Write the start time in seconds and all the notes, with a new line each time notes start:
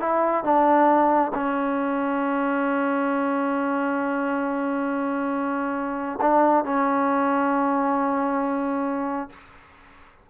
0.00 E4
0.44 D4
1.34 C#4
6.21 D4
6.65 C#4